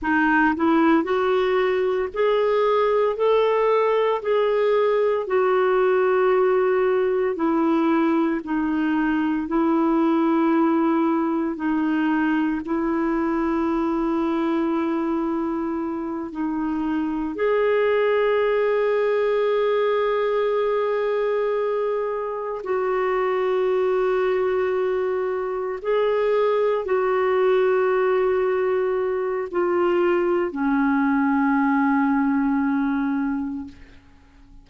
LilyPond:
\new Staff \with { instrumentName = "clarinet" } { \time 4/4 \tempo 4 = 57 dis'8 e'8 fis'4 gis'4 a'4 | gis'4 fis'2 e'4 | dis'4 e'2 dis'4 | e'2.~ e'8 dis'8~ |
dis'8 gis'2.~ gis'8~ | gis'4. fis'2~ fis'8~ | fis'8 gis'4 fis'2~ fis'8 | f'4 cis'2. | }